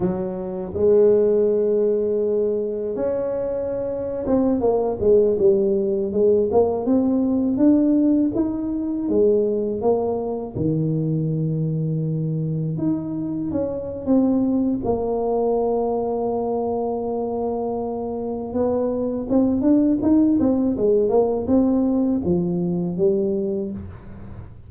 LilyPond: \new Staff \with { instrumentName = "tuba" } { \time 4/4 \tempo 4 = 81 fis4 gis2. | cis'4.~ cis'16 c'8 ais8 gis8 g8.~ | g16 gis8 ais8 c'4 d'4 dis'8.~ | dis'16 gis4 ais4 dis4.~ dis16~ |
dis4~ dis16 dis'4 cis'8. c'4 | ais1~ | ais4 b4 c'8 d'8 dis'8 c'8 | gis8 ais8 c'4 f4 g4 | }